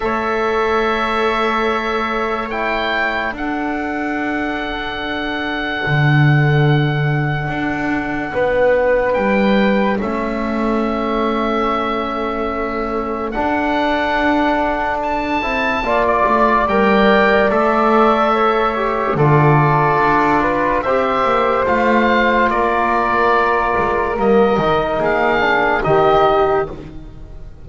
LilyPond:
<<
  \new Staff \with { instrumentName = "oboe" } { \time 4/4 \tempo 4 = 72 e''2. g''4 | fis''1~ | fis''2. g''4 | e''1 |
fis''2 a''4~ a''16 d''8. | g''4 e''2 d''4~ | d''4 e''4 f''4 d''4~ | d''4 dis''4 f''4 dis''4 | }
  \new Staff \with { instrumentName = "flute" } { \time 4/4 cis''1 | a'1~ | a'2 b'2 | a'1~ |
a'2. d''4~ | d''2 cis''4 a'4~ | a'8 b'8 c''2 ais'4~ | ais'2 gis'4 g'4 | }
  \new Staff \with { instrumentName = "trombone" } { \time 4/4 a'2. e'4 | d'1~ | d'1 | cis'1 |
d'2~ d'8 e'8 f'4 | ais'4 a'4. g'8 f'4~ | f'4 g'4 f'2~ | f'4 ais8 dis'4 d'8 dis'4 | }
  \new Staff \with { instrumentName = "double bass" } { \time 4/4 a1 | d'2. d4~ | d4 d'4 b4 g4 | a1 |
d'2~ d'8 c'8 ais8 a8 | g4 a2 d4 | d'4 c'8 ais8 a4 ais4~ | ais8 gis8 g8 dis8 ais4 dis4 | }
>>